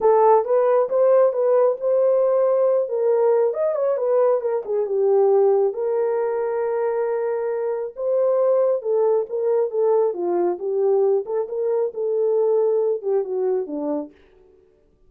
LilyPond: \new Staff \with { instrumentName = "horn" } { \time 4/4 \tempo 4 = 136 a'4 b'4 c''4 b'4 | c''2~ c''8 ais'4. | dis''8 cis''8 b'4 ais'8 gis'8 g'4~ | g'4 ais'2.~ |
ais'2 c''2 | a'4 ais'4 a'4 f'4 | g'4. a'8 ais'4 a'4~ | a'4. g'8 fis'4 d'4 | }